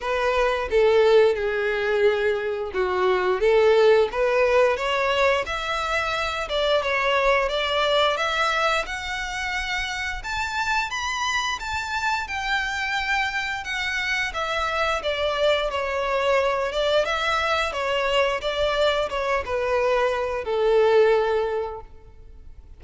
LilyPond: \new Staff \with { instrumentName = "violin" } { \time 4/4 \tempo 4 = 88 b'4 a'4 gis'2 | fis'4 a'4 b'4 cis''4 | e''4. d''8 cis''4 d''4 | e''4 fis''2 a''4 |
b''4 a''4 g''2 | fis''4 e''4 d''4 cis''4~ | cis''8 d''8 e''4 cis''4 d''4 | cis''8 b'4. a'2 | }